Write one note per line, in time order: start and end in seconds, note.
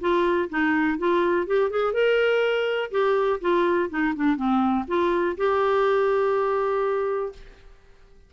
0.00 0.49 F4
0.49 0.98 D#4
0.98 1.46 F4
1.46 1.70 G4
1.70 1.93 G#4
1.93 2.90 A#4
2.91 3.40 G4
3.41 3.89 F4
3.89 4.14 D#4
4.15 4.36 D4
4.36 4.85 C4
4.87 5.36 F4
5.37 7.32 G4